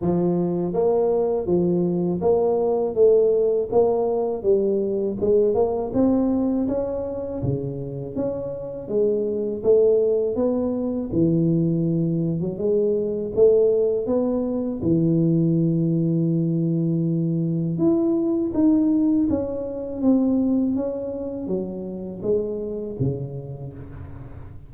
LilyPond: \new Staff \with { instrumentName = "tuba" } { \time 4/4 \tempo 4 = 81 f4 ais4 f4 ais4 | a4 ais4 g4 gis8 ais8 | c'4 cis'4 cis4 cis'4 | gis4 a4 b4 e4~ |
e8. fis16 gis4 a4 b4 | e1 | e'4 dis'4 cis'4 c'4 | cis'4 fis4 gis4 cis4 | }